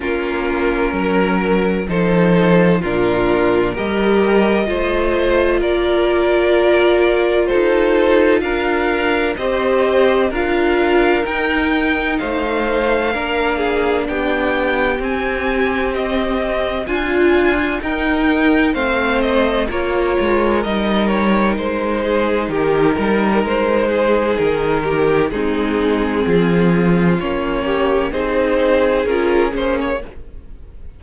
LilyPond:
<<
  \new Staff \with { instrumentName = "violin" } { \time 4/4 \tempo 4 = 64 ais'2 c''4 ais'4 | dis''2 d''2 | c''4 f''4 dis''4 f''4 | g''4 f''2 g''4 |
gis''4 dis''4 gis''4 g''4 | f''8 dis''8 cis''4 dis''8 cis''8 c''4 | ais'4 c''4 ais'4 gis'4~ | gis'4 cis''4 c''4 ais'8 c''16 cis''16 | }
  \new Staff \with { instrumentName = "violin" } { \time 4/4 f'4 ais'4 a'4 f'4 | ais'4 c''4 ais'2 | a'4 ais'4 c''4 ais'4~ | ais'4 c''4 ais'8 gis'8 g'4~ |
g'2 f'4 ais'4 | c''4 ais'2~ ais'8 gis'8 | g'8 ais'4 gis'4 g'8 dis'4 | f'4. g'8 gis'2 | }
  \new Staff \with { instrumentName = "viola" } { \time 4/4 cis'2 dis'4 d'4 | g'4 f'2.~ | f'2 g'4 f'4 | dis'2 d'2 |
c'2 f'4 dis'4 | c'4 f'4 dis'2~ | dis'2. c'4~ | c'4 cis'4 dis'4 f'8 cis'8 | }
  \new Staff \with { instrumentName = "cello" } { \time 4/4 ais4 fis4 f4 ais,4 | g4 a4 ais2 | dis'4 d'4 c'4 d'4 | dis'4 a4 ais4 b4 |
c'2 d'4 dis'4 | a4 ais8 gis8 g4 gis4 | dis8 g8 gis4 dis4 gis4 | f4 ais4 c'4 cis'8 ais8 | }
>>